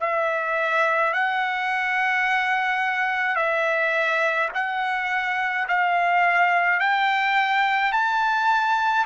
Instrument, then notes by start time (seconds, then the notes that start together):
trumpet
0.00 E5
1.13 F#5
3.36 E5
4.54 F#5
5.68 F5
6.79 G5
7.92 A5